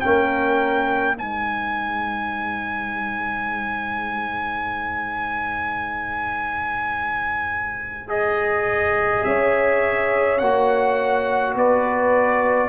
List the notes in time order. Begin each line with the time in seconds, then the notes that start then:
0.00 A#3 C#4 G5
0.06 A#4
1.15 G#3 D#4 C5 G#5
8.07 G#4 D#5
9.23 C#4 C#5 E5
10.38 A#3 F#4 F#5
11.55 B3 B4 D5